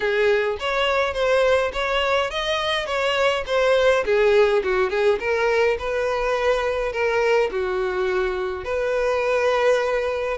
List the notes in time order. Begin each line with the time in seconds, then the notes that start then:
0.00 G#4
0.59 C#5
1.13 C5
1.72 C#5
2.30 D#5
2.86 C#5
3.46 C5
4.05 G#4
4.63 F#4
4.90 G#4
5.19 A#4
5.78 B4
6.92 A#4
7.51 F#4
8.64 B4